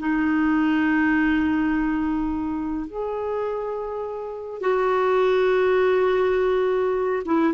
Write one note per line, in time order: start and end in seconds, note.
0.00 2.88 D#4
2.88 4.61 G#4
4.61 7.23 F#4
7.26 7.54 E4